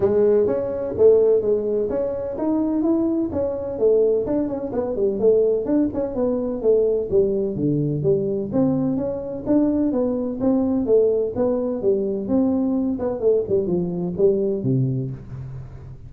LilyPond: \new Staff \with { instrumentName = "tuba" } { \time 4/4 \tempo 4 = 127 gis4 cis'4 a4 gis4 | cis'4 dis'4 e'4 cis'4 | a4 d'8 cis'8 b8 g8 a4 | d'8 cis'8 b4 a4 g4 |
d4 g4 c'4 cis'4 | d'4 b4 c'4 a4 | b4 g4 c'4. b8 | a8 g8 f4 g4 c4 | }